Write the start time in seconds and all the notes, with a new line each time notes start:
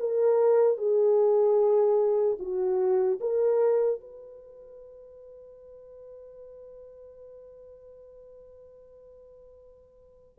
0.00 A#4
0.78 G#4
2.40 F#4
3.21 A#4
4.01 B4